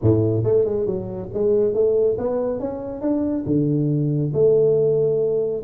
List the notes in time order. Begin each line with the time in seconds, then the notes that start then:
0.01 A2
0.43 A3
0.64 G#3
0.86 F#3
1.33 G#3
1.74 A3
2.18 B3
2.59 C#4
3.01 D4
3.46 D3
4.33 A3